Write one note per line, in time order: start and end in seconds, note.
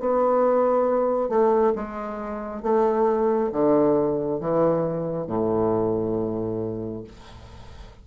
0.00 1.29 B3
1.29 1.73 A3
1.76 2.63 G#3
2.63 3.51 A3
3.52 4.40 D3
4.40 5.27 E3
5.27 7.04 A2